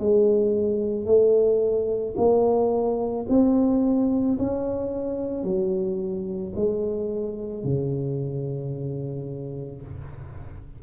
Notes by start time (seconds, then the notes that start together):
0.00 G#3
1.06 A3
2.17 A#3
3.29 C4
4.39 C#4
5.44 F#3
6.56 G#3
7.64 C#3